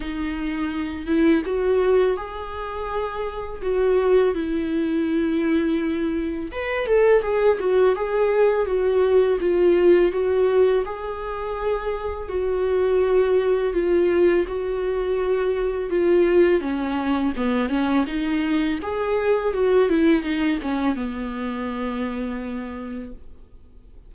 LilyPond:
\new Staff \with { instrumentName = "viola" } { \time 4/4 \tempo 4 = 83 dis'4. e'8 fis'4 gis'4~ | gis'4 fis'4 e'2~ | e'4 b'8 a'8 gis'8 fis'8 gis'4 | fis'4 f'4 fis'4 gis'4~ |
gis'4 fis'2 f'4 | fis'2 f'4 cis'4 | b8 cis'8 dis'4 gis'4 fis'8 e'8 | dis'8 cis'8 b2. | }